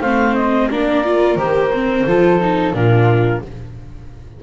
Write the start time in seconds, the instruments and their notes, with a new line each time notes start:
0.00 double bass A3, viola C4, flute C5, clarinet F5
0.34 clarinet D#5
0.70 double bass A#3, viola D4, flute A#4, clarinet D5
1.04 viola F4
1.36 double bass D#3, viola G4, clarinet C5
1.73 viola C4
2.06 double bass F3, viola F4, flute A4
2.40 viola D#4
2.73 double bass A#2, viola D4, flute F4, clarinet A#4